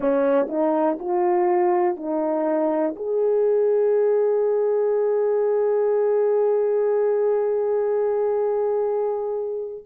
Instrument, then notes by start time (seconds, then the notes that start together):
horn
0.00 C#4
0.49 D#4
0.99 F4
1.96 D#4
2.96 G#4